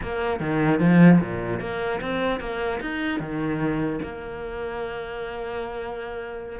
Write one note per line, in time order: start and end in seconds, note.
0.02 0.40 A#3
0.40 0.79 D#3
0.79 1.19 F3
1.20 1.60 A#2
1.60 2.00 A#3
2.00 2.39 C4
2.39 2.79 A#3
2.81 3.19 D#4
3.19 3.99 D#3
4.02 6.59 A#3